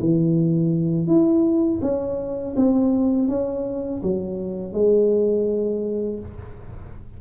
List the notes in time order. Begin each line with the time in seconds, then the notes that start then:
0.00 E3
1.07 E4
1.82 C#4
2.56 C4
3.28 C#4
4.02 F#3
4.73 G#3